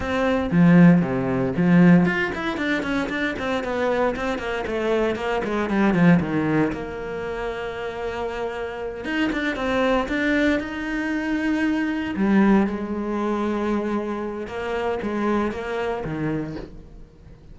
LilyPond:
\new Staff \with { instrumentName = "cello" } { \time 4/4 \tempo 4 = 116 c'4 f4 c4 f4 | f'8 e'8 d'8 cis'8 d'8 c'8 b4 | c'8 ais8 a4 ais8 gis8 g8 f8 | dis4 ais2.~ |
ais4. dis'8 d'8 c'4 d'8~ | d'8 dis'2. g8~ | g8 gis2.~ gis8 | ais4 gis4 ais4 dis4 | }